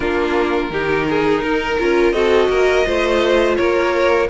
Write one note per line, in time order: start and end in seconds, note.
0.00 0.70 A#3
0.00 0.71 D4
0.00 0.71 F4
0.00 2.12 A#4
0.70 1.41 D#3
0.70 1.79 D#4
0.70 1.08 G4
1.09 1.44 G#4
1.42 1.77 D#4
1.42 2.13 A#4
1.79 2.12 C#4
1.79 2.14 F4
2.12 2.48 C4
2.12 2.84 F#4
2.12 2.49 A4
2.12 3.54 D#5
2.49 2.84 A#3
2.49 2.85 A#4
2.84 3.58 A3
2.84 4.27 F4
2.84 3.57 C5
3.56 4.29 A#3
3.56 4.29 A#4
3.56 4.28 C#5